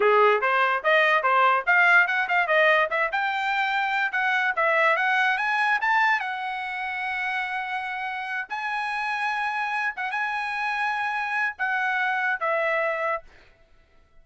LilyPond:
\new Staff \with { instrumentName = "trumpet" } { \time 4/4 \tempo 4 = 145 gis'4 c''4 dis''4 c''4 | f''4 fis''8 f''8 dis''4 e''8 g''8~ | g''2 fis''4 e''4 | fis''4 gis''4 a''4 fis''4~ |
fis''1~ | fis''8 gis''2.~ gis''8 | fis''8 gis''2.~ gis''8 | fis''2 e''2 | }